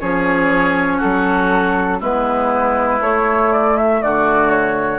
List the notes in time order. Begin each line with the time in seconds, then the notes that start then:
0.00 F3 C#4 G#4 C#5
0.97 F#3 F#4 A4
2.00 G#3 B3 E4 B4
3.00 A3 C#5
3.52 D5
3.77 E5
4.02 D3 F#4 D5
4.50 C#5